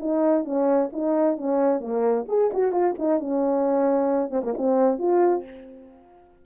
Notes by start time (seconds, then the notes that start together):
0.00 D#4
0.45 C#4
0.93 D#4
1.37 C#4
1.80 A#3
2.28 G#4
2.54 F#4
2.72 F4
2.99 D#4
3.20 C#4
4.30 C4
4.44 A#3
4.57 C4
4.99 F4